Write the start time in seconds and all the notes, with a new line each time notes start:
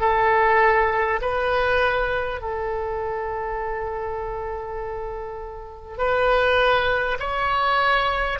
0.00 A4
1.22 B4
2.41 A4
5.98 B4
7.19 C#5